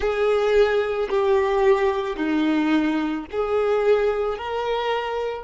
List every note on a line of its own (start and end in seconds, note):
0.00 1.09 G#4
1.09 2.16 G4
2.16 3.25 D#4
3.31 4.37 G#4
4.37 5.43 A#4